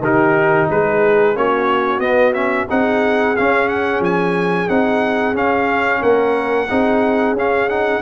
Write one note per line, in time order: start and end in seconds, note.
0.00 0.67 D#3
0.00 1.35 D#4
0.00 0.69 G4
0.00 0.70 A#4
0.70 1.35 G#3
0.70 1.37 G#4
0.70 1.37 B4
1.35 1.99 A#3
1.35 2.00 C#4
1.35 2.69 F#4
1.35 2.00 C#5
1.99 2.66 B3
1.99 2.34 B3
1.99 2.33 D#5
2.34 2.67 C#4
2.34 2.67 E5
2.69 3.37 C4
2.69 3.36 D#4
2.69 6.01 G#4
2.69 3.36 F#5
3.36 4.69 C#4
3.36 4.00 C#4
3.36 3.68 F5
3.68 4.02 F#5
4.00 4.67 F3
4.00 4.69 G#5
4.69 5.33 C4
4.69 5.34 D#4
4.69 5.36 F#5
5.33 6.00 C#4
5.33 6.68 C#4
5.33 6.03 F5
6.01 6.69 A#3
6.01 6.68 A#4
6.01 7.36 F#5
6.70 7.33 C4
6.70 7.37 D#4
6.70 8.02 G#4
7.33 8.00 C#4
7.33 7.70 C#4
7.33 7.69 F5
7.69 8.02 D#4
7.69 8.02 F#5